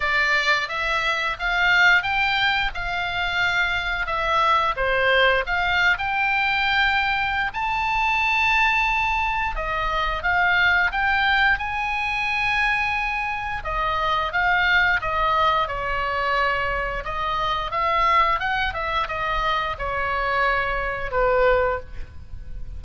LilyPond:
\new Staff \with { instrumentName = "oboe" } { \time 4/4 \tempo 4 = 88 d''4 e''4 f''4 g''4 | f''2 e''4 c''4 | f''8. g''2~ g''16 a''4~ | a''2 dis''4 f''4 |
g''4 gis''2. | dis''4 f''4 dis''4 cis''4~ | cis''4 dis''4 e''4 fis''8 e''8 | dis''4 cis''2 b'4 | }